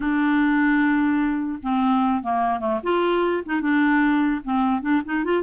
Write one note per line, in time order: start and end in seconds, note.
0.00 1.59 D4
1.62 2.22 C4
2.23 2.59 A#3
2.59 2.79 A3
2.83 3.43 F4
3.45 3.61 D#4
3.61 4.41 D4
4.44 4.81 C4
4.81 5.01 D4
5.05 5.24 D#4
5.24 5.43 F4